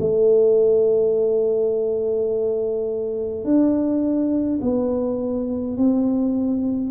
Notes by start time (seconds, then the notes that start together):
0.00 A3
3.44 D4
4.62 B3
5.77 C4